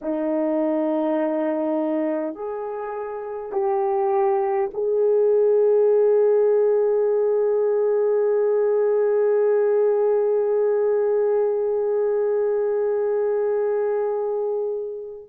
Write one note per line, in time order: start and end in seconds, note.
0.01 2.34 D#4
2.34 3.52 G#4
3.52 4.70 G4
4.73 15.29 G#4